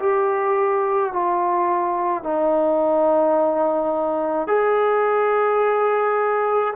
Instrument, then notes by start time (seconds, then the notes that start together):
trombone
0.00 G4
1.13 F4
2.24 D#4
4.48 G#4